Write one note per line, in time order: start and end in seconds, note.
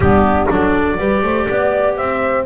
0.00 0.47 G3
0.00 0.49 B3
0.00 0.50 D4
0.00 0.48 G4
0.48 0.97 F#3
0.48 0.98 D4
0.48 0.98 A4
0.48 1.96 D5
0.97 1.22 G3
0.97 2.45 G4
0.97 1.23 B4
1.23 1.47 A3
1.23 1.48 C5
1.49 1.98 B3
1.49 1.97 D5
1.96 2.46 C4
1.96 2.46 C5
1.96 2.46 E5